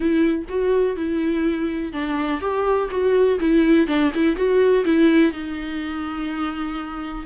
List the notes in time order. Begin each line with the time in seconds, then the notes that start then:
0.00 E4
0.48 F#4
0.96 E4
1.92 D4
2.40 G4
2.90 F#4
3.40 E4
3.87 D4
4.14 E4
4.36 F#4
4.84 E4
5.31 D#4